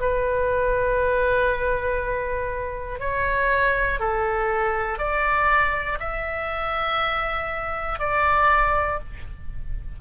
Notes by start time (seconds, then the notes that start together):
0.00 B4
3.00 C#5
3.99 A4
4.98 D5
5.99 E5
7.99 D5